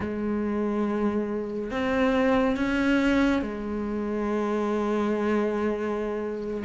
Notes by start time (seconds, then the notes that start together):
0.00 G#3
1.70 C4
2.56 C#4
3.42 G#3